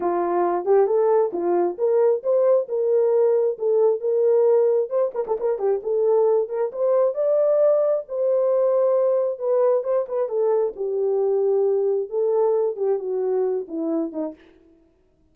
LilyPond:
\new Staff \with { instrumentName = "horn" } { \time 4/4 \tempo 4 = 134 f'4. g'8 a'4 f'4 | ais'4 c''4 ais'2 | a'4 ais'2 c''8 ais'16 a'16 | ais'8 g'8 a'4. ais'8 c''4 |
d''2 c''2~ | c''4 b'4 c''8 b'8 a'4 | g'2. a'4~ | a'8 g'8 fis'4. e'4 dis'8 | }